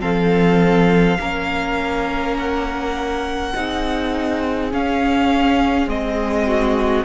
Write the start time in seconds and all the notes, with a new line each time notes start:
0.00 F3 C4 A4 F5
1.19 A#3 C#4 A#4
2.38 F#5
3.54 C4 D#4 G#4
4.72 C#4 F5
5.87 G#3 C4 D#5
6.47 F#4